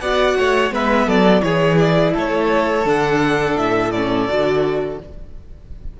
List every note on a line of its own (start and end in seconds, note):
0.00 0.36 B3
0.00 0.71 F#4
0.00 0.37 D5
0.00 0.72 F#5
0.39 0.71 A3
0.39 0.73 C#5
0.71 1.06 G#3
0.71 1.41 B3
0.71 1.06 B4
0.71 1.09 E5
1.06 1.42 F#3
1.06 1.42 A4
1.06 1.42 D5
1.41 2.14 E3
1.41 2.84 E4
1.41 2.13 G#4
1.41 1.78 C#5
1.79 2.15 D5
2.13 2.85 A3
2.13 4.99 A4
2.13 2.89 C#5
2.85 3.56 D3
2.85 3.92 D4
2.85 3.57 F#5
3.56 4.28 A2
3.56 3.91 E5
3.91 4.29 C#4
3.91 4.98 D5
4.28 4.99 D3
4.28 5.00 F#4